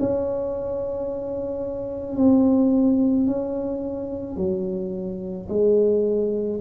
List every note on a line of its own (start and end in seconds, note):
0.00 2.16 C#4
2.16 3.27 C4
3.27 4.36 C#4
4.36 5.47 F#3
5.49 6.60 G#3